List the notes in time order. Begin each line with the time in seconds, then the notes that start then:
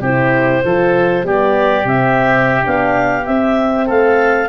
0.00 C3 E4 G4 C5
0.64 F3 F4 A4
1.23 G3 B3 G4 D5
1.84 C3 C4 E5
2.62 B3 D4 F5
3.25 C4 E5
3.86 A3 A4 F5